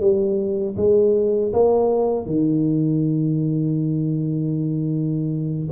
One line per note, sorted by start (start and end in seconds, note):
0.00 0.76 G3
0.76 1.52 G#3
1.53 2.25 A#3
2.25 5.67 D#3